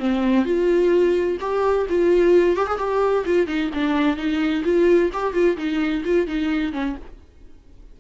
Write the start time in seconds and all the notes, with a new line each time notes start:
0.00 C4
0.45 F4
1.41 G4
1.90 F4
2.56 G4
2.67 G#4
2.78 G4
3.26 F4
3.48 D#4
3.74 D4
4.17 D#4
4.65 F4
5.14 G4
5.34 F4
5.58 D#4
6.05 F4
6.27 D#4
6.73 C#4